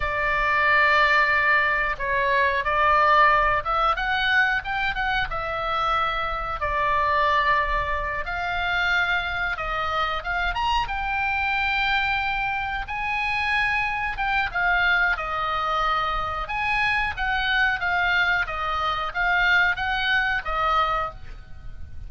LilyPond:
\new Staff \with { instrumentName = "oboe" } { \time 4/4 \tempo 4 = 91 d''2. cis''4 | d''4. e''8 fis''4 g''8 fis''8 | e''2 d''2~ | d''8 f''2 dis''4 f''8 |
ais''8 g''2. gis''8~ | gis''4. g''8 f''4 dis''4~ | dis''4 gis''4 fis''4 f''4 | dis''4 f''4 fis''4 dis''4 | }